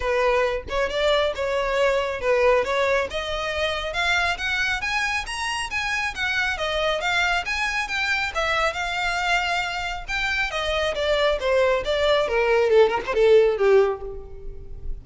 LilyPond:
\new Staff \with { instrumentName = "violin" } { \time 4/4 \tempo 4 = 137 b'4. cis''8 d''4 cis''4~ | cis''4 b'4 cis''4 dis''4~ | dis''4 f''4 fis''4 gis''4 | ais''4 gis''4 fis''4 dis''4 |
f''4 gis''4 g''4 e''4 | f''2. g''4 | dis''4 d''4 c''4 d''4 | ais'4 a'8 ais'16 c''16 a'4 g'4 | }